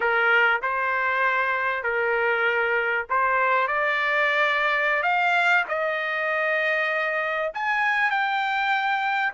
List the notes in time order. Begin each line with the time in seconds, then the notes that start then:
0.00 A#4
0.62 C5
1.83 A#4
3.09 C5
3.67 D5
5.03 F5
5.68 D#5
7.53 G#5
8.10 G5